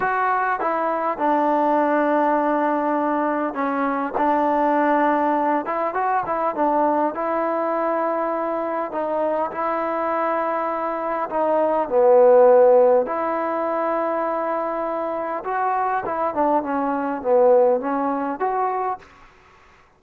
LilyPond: \new Staff \with { instrumentName = "trombone" } { \time 4/4 \tempo 4 = 101 fis'4 e'4 d'2~ | d'2 cis'4 d'4~ | d'4. e'8 fis'8 e'8 d'4 | e'2. dis'4 |
e'2. dis'4 | b2 e'2~ | e'2 fis'4 e'8 d'8 | cis'4 b4 cis'4 fis'4 | }